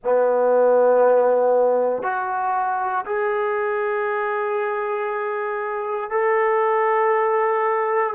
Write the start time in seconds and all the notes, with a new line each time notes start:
0.04 B3
2.02 F#4
3.05 G#4
6.10 A4